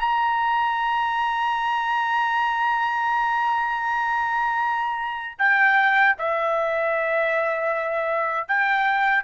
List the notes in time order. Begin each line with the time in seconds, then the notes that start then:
0.00 A#5
5.39 G5
6.19 E5
8.48 G5